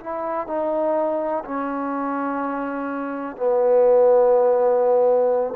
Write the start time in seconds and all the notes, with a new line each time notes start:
0.00 E4
0.47 D#4
1.45 C#4
3.37 B3